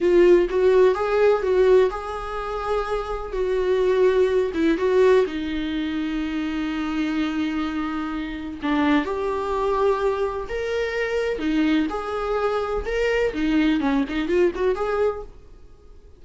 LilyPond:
\new Staff \with { instrumentName = "viola" } { \time 4/4 \tempo 4 = 126 f'4 fis'4 gis'4 fis'4 | gis'2. fis'4~ | fis'4. e'8 fis'4 dis'4~ | dis'1~ |
dis'2 d'4 g'4~ | g'2 ais'2 | dis'4 gis'2 ais'4 | dis'4 cis'8 dis'8 f'8 fis'8 gis'4 | }